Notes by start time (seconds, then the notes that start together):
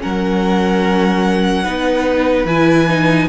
0.00 F#3 C#4 A#4 F#5
1.64 B3 D#4 B4
2.45 E3 E4 G#5
2.89 D#4